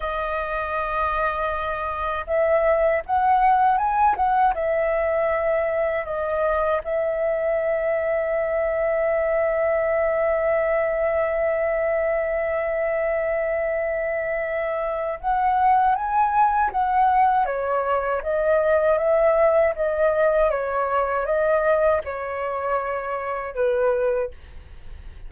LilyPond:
\new Staff \with { instrumentName = "flute" } { \time 4/4 \tempo 4 = 79 dis''2. e''4 | fis''4 gis''8 fis''8 e''2 | dis''4 e''2.~ | e''1~ |
e''1 | fis''4 gis''4 fis''4 cis''4 | dis''4 e''4 dis''4 cis''4 | dis''4 cis''2 b'4 | }